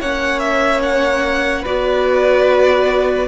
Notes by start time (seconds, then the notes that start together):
0.00 A#3 C#4 C#5 F#5
0.39 E5
0.82 F#5
1.62 B3 F#4 B4 D5